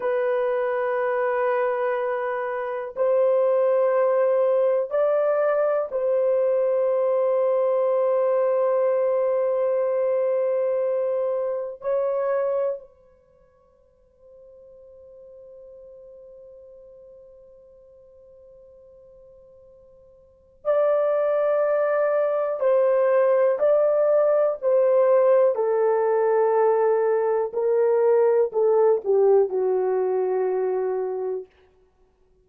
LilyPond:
\new Staff \with { instrumentName = "horn" } { \time 4/4 \tempo 4 = 61 b'2. c''4~ | c''4 d''4 c''2~ | c''1 | cis''4 c''2.~ |
c''1~ | c''4 d''2 c''4 | d''4 c''4 a'2 | ais'4 a'8 g'8 fis'2 | }